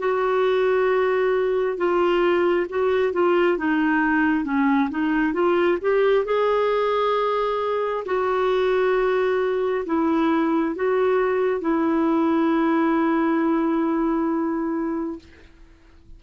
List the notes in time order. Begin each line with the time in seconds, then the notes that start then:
0.00 F#4
1.78 F4
2.70 F#4
3.13 F4
3.58 D#4
4.45 C#4
4.91 D#4
5.34 F4
5.82 G4
6.26 G#4
8.06 F#4
9.86 E4
10.76 F#4
11.61 E4